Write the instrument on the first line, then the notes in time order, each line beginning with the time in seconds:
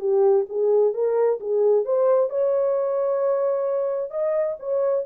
horn
0.00 G4
0.49 G#4
0.94 A#4
1.40 G#4
1.85 C5
2.30 C#5
4.11 D#5
4.60 C#5